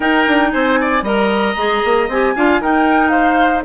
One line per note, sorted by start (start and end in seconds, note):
0.00 0.26 D#4
0.00 1.02 D#4
0.00 0.49 A#4
0.00 0.51 G5
0.27 0.53 D4
0.51 1.02 C4
0.51 0.79 C5
0.51 1.03 G#5
0.80 1.03 D5
1.02 1.54 G3
1.02 1.56 A#4
1.02 2.34 D#5
1.02 2.10 A#5
1.56 1.82 G#3
1.56 2.09 G#4
1.84 2.08 A#3
2.08 2.34 C4
2.08 2.36 G4
2.08 2.62 G#5
2.35 2.60 D4
2.35 2.62 F4
2.35 2.61 F5
2.60 3.64 D#4
2.60 3.11 A#4
2.60 3.08 G5
3.08 3.63 C5
3.08 3.61 F5